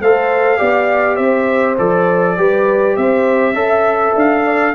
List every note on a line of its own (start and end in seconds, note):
0.00 0.59 A3
0.00 0.57 A4
0.00 0.58 C5
0.00 1.15 F5
0.57 1.18 B3
0.57 1.76 G4
0.57 1.15 D5
1.15 1.77 C4
1.15 2.34 C5
1.15 1.75 E5
1.78 2.38 F3
1.78 2.37 A4
1.78 2.96 D5
2.37 2.97 G3
2.37 3.54 G4
2.37 2.97 B4
2.96 3.52 C4
2.96 3.54 C5
2.96 4.15 E5
3.52 4.12 C#4
3.52 4.73 A4
3.52 4.43 E5
4.15 4.74 D4
4.15 4.75 F5
4.44 4.74 D5